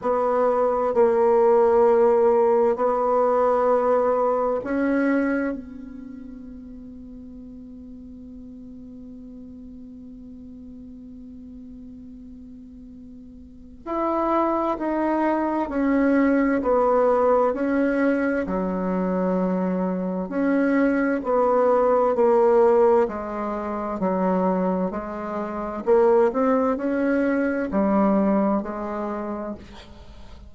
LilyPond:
\new Staff \with { instrumentName = "bassoon" } { \time 4/4 \tempo 4 = 65 b4 ais2 b4~ | b4 cis'4 b2~ | b1~ | b2. e'4 |
dis'4 cis'4 b4 cis'4 | fis2 cis'4 b4 | ais4 gis4 fis4 gis4 | ais8 c'8 cis'4 g4 gis4 | }